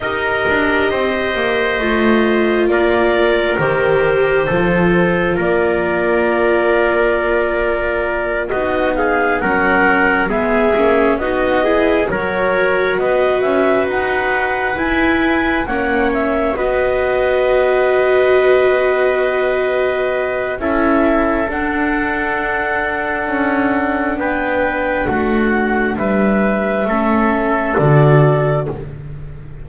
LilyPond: <<
  \new Staff \with { instrumentName = "clarinet" } { \time 4/4 \tempo 4 = 67 dis''2. d''4 | c''2 d''2~ | d''4. dis''8 f''8 fis''4 e''8~ | e''8 dis''4 cis''4 dis''8 e''8 fis''8~ |
fis''8 gis''4 fis''8 e''8 dis''4.~ | dis''2. e''4 | fis''2. g''4 | fis''4 e''2 d''4 | }
  \new Staff \with { instrumentName = "trumpet" } { \time 4/4 ais'4 c''2 ais'4~ | ais'4 a'4 ais'2~ | ais'4. fis'8 gis'8 ais'4 gis'8~ | gis'8 fis'8 gis'8 ais'4 b'4.~ |
b'4. cis''4 b'4.~ | b'2. a'4~ | a'2. b'4 | fis'4 b'4 a'2 | }
  \new Staff \with { instrumentName = "viola" } { \time 4/4 g'2 f'2 | g'4 f'2.~ | f'4. dis'4 cis'4 b8 | cis'8 dis'8 e'8 fis'2~ fis'8~ |
fis'8 e'4 cis'4 fis'4.~ | fis'2. e'4 | d'1~ | d'2 cis'4 fis'4 | }
  \new Staff \with { instrumentName = "double bass" } { \time 4/4 dis'8 d'8 c'8 ais8 a4 ais4 | dis4 f4 ais2~ | ais4. b4 fis4 gis8 | ais8 b4 fis4 b8 cis'8 dis'8~ |
dis'8 e'4 ais4 b4.~ | b2. cis'4 | d'2 cis'4 b4 | a4 g4 a4 d4 | }
>>